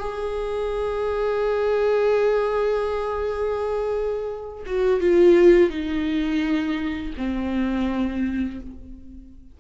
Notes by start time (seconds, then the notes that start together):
0.00 G#4
4.66 F#4
5.01 F4
5.70 D#4
7.18 C4